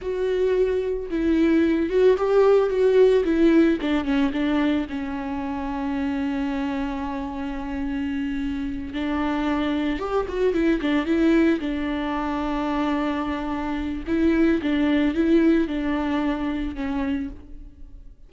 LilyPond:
\new Staff \with { instrumentName = "viola" } { \time 4/4 \tempo 4 = 111 fis'2 e'4. fis'8 | g'4 fis'4 e'4 d'8 cis'8 | d'4 cis'2.~ | cis'1~ |
cis'8 d'2 g'8 fis'8 e'8 | d'8 e'4 d'2~ d'8~ | d'2 e'4 d'4 | e'4 d'2 cis'4 | }